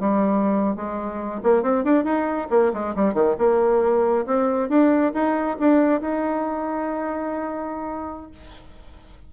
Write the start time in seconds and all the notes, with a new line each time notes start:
0.00 G3
0.76 G#3
1.43 A#3
1.63 C4
1.84 D4
2.04 D#4
2.50 A#3
2.74 G#3
2.96 G3
3.14 D#3
3.39 A#3
4.27 C4
4.69 D4
5.14 D#4
5.60 D4
6.01 D#4